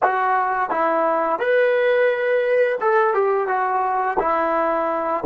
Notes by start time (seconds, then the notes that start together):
0.03 F#4
0.69 E4
1.39 B4
2.81 A4
3.14 G4
3.47 F#4
4.19 E4